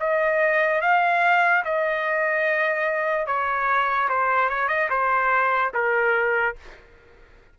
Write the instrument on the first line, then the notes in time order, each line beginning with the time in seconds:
trumpet
0.00 D#5
0.82 F5
1.65 D#5
3.27 C#5
4.09 C5
4.49 C#5
4.68 D#5
4.90 C5
5.74 A#4